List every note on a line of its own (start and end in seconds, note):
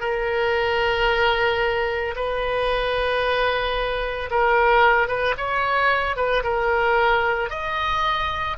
0.00 2.14 A#4
2.15 4.30 B4
4.30 5.07 A#4
5.07 5.34 B4
5.37 6.16 C#5
6.16 6.43 B4
6.43 7.50 A#4
7.50 8.57 D#5